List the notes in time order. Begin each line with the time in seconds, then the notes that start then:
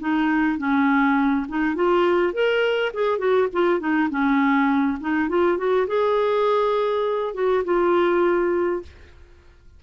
0.00 D#4
0.58 C#4
1.48 D#4
1.75 F4
2.33 A#4
2.94 G#4
3.18 F#4
3.53 F4
3.79 D#4
4.10 C#4
5.00 D#4
5.29 F4
5.57 F#4
5.87 G#4
7.34 F#4
7.65 F4